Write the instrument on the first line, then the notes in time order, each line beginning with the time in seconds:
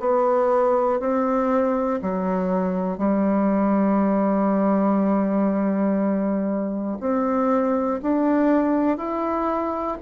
bassoon
0.00 B3
1.00 C4
2.02 F#3
2.98 G3
7.00 C4
8.02 D4
8.97 E4